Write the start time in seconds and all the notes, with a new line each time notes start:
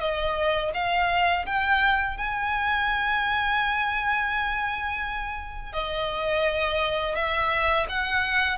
0.00 D#5
0.74 F5
1.46 G5
2.17 G#5
5.73 D#5
7.15 E5
7.89 F#5